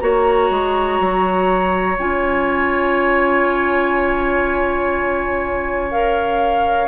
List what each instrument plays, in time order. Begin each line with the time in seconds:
0.00 bassoon A#3, clarinet F#4, oboe C#5, flute A#5
0.50 bassoon G#3
1.00 bassoon F#3
1.99 bassoon C#4, clarinet F4, flute G#5
5.91 clarinet A#4, flute F5